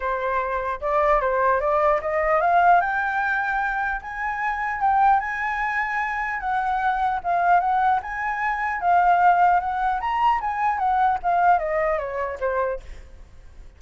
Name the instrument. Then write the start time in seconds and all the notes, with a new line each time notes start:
flute
0.00 C5
0.80 D5
1.21 C5
1.60 D5
2.01 D#5
2.40 F5
2.80 G5
4.01 G#5
4.81 G5
5.20 G#5
6.40 F#5
7.23 F5
7.59 F#5
8.02 G#5
8.81 F5
9.60 F#5
10.00 A#5
10.41 G#5
10.78 F#5
11.22 F5
11.59 D#5
11.98 C#5
12.40 C5